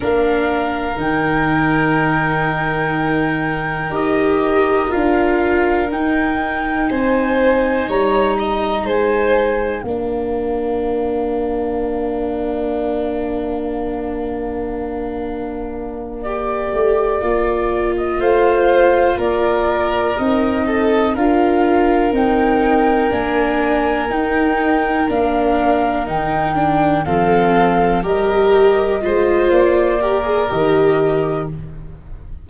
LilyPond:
<<
  \new Staff \with { instrumentName = "flute" } { \time 4/4 \tempo 4 = 61 f''4 g''2. | dis''4 f''4 g''4 gis''4 | ais''4 gis''4 f''2~ | f''1~ |
f''8 d''4.~ d''16 dis''16 f''4 d''8~ | d''8 dis''4 f''4 g''4 gis''8~ | gis''8 g''4 f''4 g''4 f''8~ | f''8 dis''4. d''4 dis''4 | }
  \new Staff \with { instrumentName = "violin" } { \time 4/4 ais'1~ | ais'2. c''4 | cis''8 dis''8 c''4 ais'2~ | ais'1~ |
ais'2~ ais'8 c''4 ais'8~ | ais'4 a'8 ais'2~ ais'8~ | ais'2.~ ais'8 a'8~ | a'8 ais'4 c''4 ais'4. | }
  \new Staff \with { instrumentName = "viola" } { \time 4/4 d'4 dis'2. | g'4 f'4 dis'2~ | dis'2 d'2~ | d'1~ |
d'8 g'4 f'2~ f'8~ | f'8 dis'4 f'4 dis'4 d'8~ | d'8 dis'4 d'4 dis'8 d'8 c'8~ | c'8 g'4 f'4 g'16 gis'16 g'4 | }
  \new Staff \with { instrumentName = "tuba" } { \time 4/4 ais4 dis2. | dis'4 d'4 dis'4 c'4 | g4 gis4 ais2~ | ais1~ |
ais4 a8 ais4 a4 ais8~ | ais8 c'4 d'4 c'4 ais8~ | ais8 dis'4 ais4 dis4 f8~ | f8 g4 gis8 ais4 dis4 | }
>>